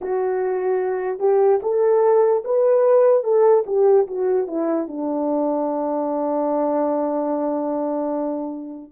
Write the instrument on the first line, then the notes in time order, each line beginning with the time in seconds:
horn
0.01 F#4
1.19 G4
1.62 A4
2.44 B4
3.23 A4
3.66 G4
4.07 F#4
4.47 E4
4.87 D4